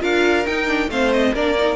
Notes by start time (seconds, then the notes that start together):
0.00 D4 F4 A#4 F5
0.46 D#4 G5
0.67 D4
0.88 A3 C4 C5 F5
1.13 D#5
1.33 A#3 D4 A#4 D5
1.58 D#4